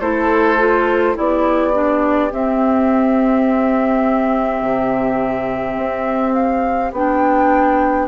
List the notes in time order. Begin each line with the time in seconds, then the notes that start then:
0.00 A3 E4 A4 C5
0.58 F4
1.15 B3 E4 G4 D5
1.73 D4
2.31 C4 E5
4.61 C3
5.76 C4
6.33 F5
6.92 B3 D4 G5